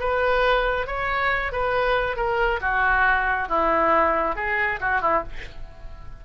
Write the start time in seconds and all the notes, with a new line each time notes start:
0.00 B4
0.87 C#5
1.52 B4
2.17 A#4
2.61 F#4
3.49 E4
4.36 G#4
4.81 F#4
5.02 E4